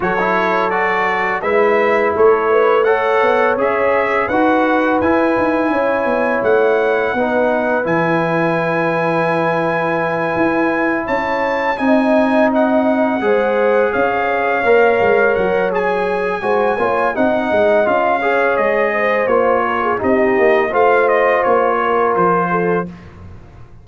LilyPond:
<<
  \new Staff \with { instrumentName = "trumpet" } { \time 4/4 \tempo 4 = 84 cis''4 d''4 e''4 cis''4 | fis''4 e''4 fis''4 gis''4~ | gis''4 fis''2 gis''4~ | gis''2.~ gis''8 a''8~ |
a''8 gis''4 fis''2 f''8~ | f''4. fis''8 gis''2 | fis''4 f''4 dis''4 cis''4 | dis''4 f''8 dis''8 cis''4 c''4 | }
  \new Staff \with { instrumentName = "horn" } { \time 4/4 a'2 b'4 a'8 b'8 | cis''2 b'2 | cis''2 b'2~ | b'2.~ b'8 cis''8~ |
cis''8 dis''2 c''4 cis''8~ | cis''2. c''8 cis''8 | dis''4. cis''4 c''4 ais'16 gis'16 | g'4 c''4. ais'4 a'8 | }
  \new Staff \with { instrumentName = "trombone" } { \time 4/4 fis'16 e'8. fis'4 e'2 | a'4 gis'4 fis'4 e'4~ | e'2 dis'4 e'4~ | e'1~ |
e'8 dis'2 gis'4.~ | gis'8 ais'4. gis'4 fis'8 f'8 | dis'4 f'8 gis'4. f'4 | dis'4 f'2. | }
  \new Staff \with { instrumentName = "tuba" } { \time 4/4 fis2 gis4 a4~ | a8 b8 cis'4 dis'4 e'8 dis'8 | cis'8 b8 a4 b4 e4~ | e2~ e8 e'4 cis'8~ |
cis'8 c'2 gis4 cis'8~ | cis'8 ais8 gis8 fis4. gis8 ais8 | c'8 gis8 cis'4 gis4 ais4 | c'8 ais8 a4 ais4 f4 | }
>>